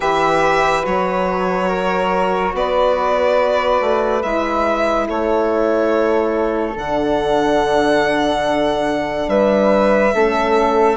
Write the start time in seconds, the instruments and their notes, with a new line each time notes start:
0.00 bassoon E3, horn G4, flute B4, violin E5
0.83 bassoon F#3, horn F#4, violin C#5
1.68 flute A#4
2.53 bassoon B3, flute B4, violin D5
3.80 bassoon A3
4.21 bassoon G#3, horn E4, violin E5
5.06 bassoon A3, flute A4, violin C#5
6.76 bassoon D3, horn D4, violin F#5
9.28 bassoon G3, flute B4, violin E5
10.14 bassoon A3, horn C#4, flute A4